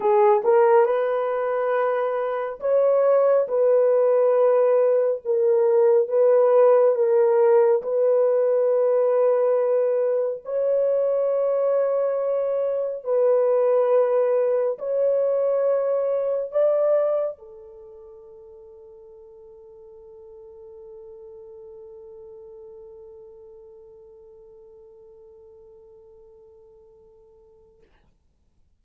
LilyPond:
\new Staff \with { instrumentName = "horn" } { \time 4/4 \tempo 4 = 69 gis'8 ais'8 b'2 cis''4 | b'2 ais'4 b'4 | ais'4 b'2. | cis''2. b'4~ |
b'4 cis''2 d''4 | a'1~ | a'1~ | a'1 | }